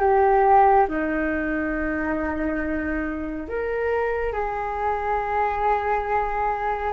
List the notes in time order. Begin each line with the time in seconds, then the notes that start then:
0.00 G4
0.88 D#4
3.49 A#4
4.33 G#4